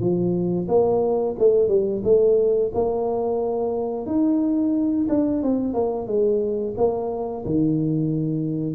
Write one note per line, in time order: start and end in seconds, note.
0.00 0.67 F3
0.68 1.36 A#3
1.39 1.69 A3
1.69 2.02 G3
2.04 2.72 A3
2.75 4.07 A#3
4.07 5.08 D#4
5.09 5.43 D4
5.43 5.74 C4
5.74 6.07 A#3
6.07 6.75 G#3
6.77 7.45 A#3
7.46 8.75 D#3